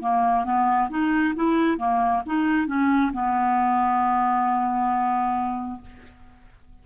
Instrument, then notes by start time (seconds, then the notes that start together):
clarinet
0.00 A#3
0.44 B3
0.89 D#4
1.35 E4
1.77 A#3
2.26 D#4
2.67 C#4
3.12 B3